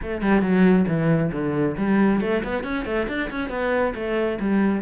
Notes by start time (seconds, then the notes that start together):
0.02 A3
0.21 G3
0.41 F#3
0.87 E3
1.32 D3
1.77 G3
2.20 A3
2.44 B3
2.63 C#4
2.85 A3
3.08 D4
3.30 C#4
3.49 B3
3.95 A3
4.40 G3